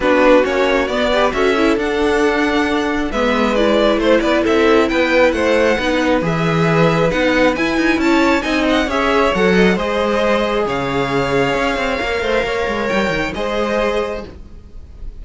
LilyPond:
<<
  \new Staff \with { instrumentName = "violin" } { \time 4/4 \tempo 4 = 135 b'4 cis''4 d''4 e''4 | fis''2. e''4 | d''4 c''8 d''8 e''4 g''4 | fis''2 e''2 |
fis''4 gis''4 a''4 gis''8 fis''8 | e''4 fis''4 dis''2 | f''1~ | f''4 g''4 dis''2 | }
  \new Staff \with { instrumentName = "violin" } { \time 4/4 fis'2~ fis'8 b'8 a'4~ | a'2. b'4~ | b'4 c''8 b'8 a'4 b'4 | c''4 b'2.~ |
b'2 cis''4 dis''4 | cis''4. dis''8 c''2 | cis''2.~ cis''8 c''8 | cis''2 c''2 | }
  \new Staff \with { instrumentName = "viola" } { \time 4/4 d'4 cis'4 b8 g'8 fis'8 e'8 | d'2. b4 | e'1~ | e'4 dis'4 gis'2 |
dis'4 e'2 dis'4 | gis'4 a'4 gis'2~ | gis'2. ais'4~ | ais'2 gis'2 | }
  \new Staff \with { instrumentName = "cello" } { \time 4/4 b4 ais4 b4 cis'4 | d'2. gis4~ | gis4 a8 b8 c'4 b4 | a4 b4 e2 |
b4 e'8 dis'8 cis'4 c'4 | cis'4 fis4 gis2 | cis2 cis'8 c'8 ais8 a8 | ais8 gis8 g8 dis8 gis2 | }
>>